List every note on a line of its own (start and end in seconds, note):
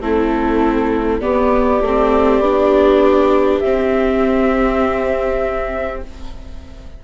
0.00 1.20 A3
0.00 1.21 C4
0.00 1.21 E4
0.00 1.20 A4
1.20 1.80 B3
1.20 1.81 B3
1.20 6.00 G4
1.20 3.59 D5
1.81 2.39 A3
1.81 2.43 C4
2.39 3.59 B3
2.39 3.63 D4
3.59 6.03 C4
3.59 6.04 C4
3.59 5.99 E5